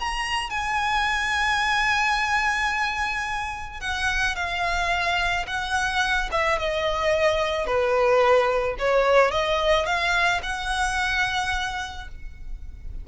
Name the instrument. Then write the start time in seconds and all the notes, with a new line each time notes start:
violin
0.00 A#5
0.51 G#5
3.81 F#5
4.36 F5
5.47 F#5
6.32 E5
6.59 D#5
7.67 B4
8.79 C#5
9.32 D#5
9.86 F5
10.43 F#5